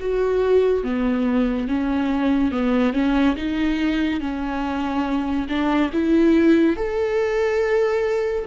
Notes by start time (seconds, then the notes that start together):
0.00 F#4
0.84 B3
1.68 C#4
2.52 B3
2.93 C#4
3.36 D#4
4.20 C#4
5.49 D4
5.93 E4
6.76 A4